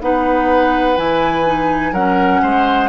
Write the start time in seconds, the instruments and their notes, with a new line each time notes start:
0.00 bassoon B3, clarinet D#4, oboe B4, flute F#5
0.96 bassoon E3, clarinet E4, flute G#5
1.45 clarinet D#4
1.92 bassoon F#3, clarinet C#4, oboe A#4, flute F#5
2.42 bassoon G#3, oboe C5